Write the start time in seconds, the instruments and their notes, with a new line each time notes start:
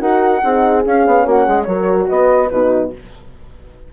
0.00 bassoon D#4, horn F#4 A#4, flute F#5
0.43 bassoon C4, horn D#4 G#4
0.85 horn C#4, bassoon C#4, flute F5
1.07 bassoon B3
1.26 bassoon A#3, horn F#4, flute F#5
1.46 bassoon G#3, horn G#4
1.63 bassoon F#3, horn F#4 A#4, flute C#5
2.09 bassoon B3, horn B4, flute D#5
2.50 bassoon B2, horn D#4 F#4, flute B4